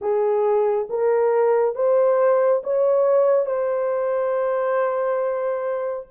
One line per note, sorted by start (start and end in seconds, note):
0.01 0.88 G#4
0.89 1.75 A#4
1.75 2.62 C5
2.63 3.45 C#5
3.45 6.06 C5